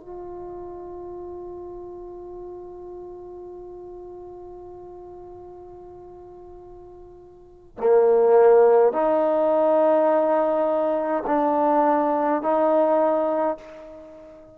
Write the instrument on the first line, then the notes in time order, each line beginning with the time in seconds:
trombone
0.00 F4
7.78 A#3
8.93 D#4
11.27 D4
12.42 D#4